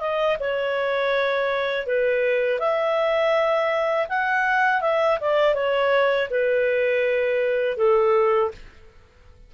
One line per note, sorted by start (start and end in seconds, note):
0.00 0.37 D#5
0.39 1.86 C#5
1.86 2.59 B4
2.59 4.07 E5
4.08 4.81 F#5
4.81 5.18 E5
5.20 5.54 D5
5.54 6.28 C#5
6.30 7.77 B4
7.77 8.51 A4